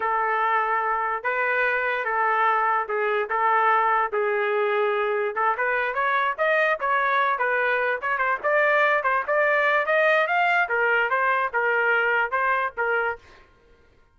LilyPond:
\new Staff \with { instrumentName = "trumpet" } { \time 4/4 \tempo 4 = 146 a'2. b'4~ | b'4 a'2 gis'4 | a'2 gis'2~ | gis'4 a'8 b'4 cis''4 dis''8~ |
dis''8 cis''4. b'4. cis''8 | c''8 d''4. c''8 d''4. | dis''4 f''4 ais'4 c''4 | ais'2 c''4 ais'4 | }